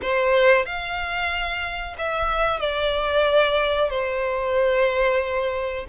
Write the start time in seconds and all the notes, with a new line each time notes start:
0.02 C5
0.65 F5
1.98 E5
2.60 D5
3.90 C5